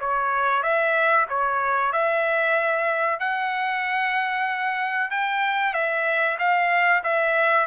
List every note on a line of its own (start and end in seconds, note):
0.00 0.63 C#5
0.63 1.26 E5
1.29 1.92 C#5
1.92 3.19 E5
3.19 5.11 F#5
5.11 5.74 G5
5.74 6.38 E5
6.39 7.03 F5
7.04 7.67 E5